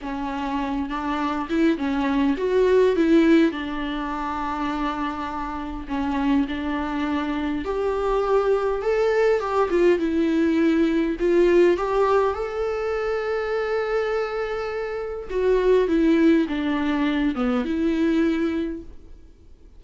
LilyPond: \new Staff \with { instrumentName = "viola" } { \time 4/4 \tempo 4 = 102 cis'4. d'4 e'8 cis'4 | fis'4 e'4 d'2~ | d'2 cis'4 d'4~ | d'4 g'2 a'4 |
g'8 f'8 e'2 f'4 | g'4 a'2.~ | a'2 fis'4 e'4 | d'4. b8 e'2 | }